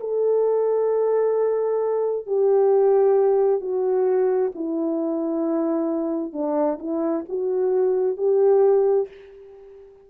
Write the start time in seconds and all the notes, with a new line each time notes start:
0.00 A4
2.26 G4
3.61 F#4
4.55 E4
6.33 D4
6.79 E4
7.29 F#4
8.17 G4